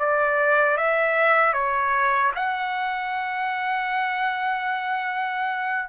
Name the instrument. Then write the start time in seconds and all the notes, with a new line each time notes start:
trumpet
0.00 D5
0.78 E5
1.54 C#5
2.36 F#5